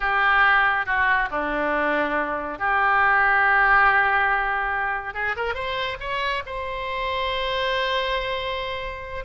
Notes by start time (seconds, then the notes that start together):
0.00 G4
0.86 F#4
1.31 D4
2.58 G4
5.14 G#4
5.36 A#4
5.54 C5
5.99 C#5
6.46 C5